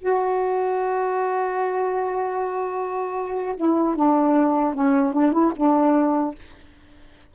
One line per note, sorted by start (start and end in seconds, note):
0.00 3.55 F#4
3.56 3.95 E4
3.95 4.74 D4
4.74 5.12 C#4
5.12 5.32 D4
5.32 5.52 E4
5.56 6.35 D4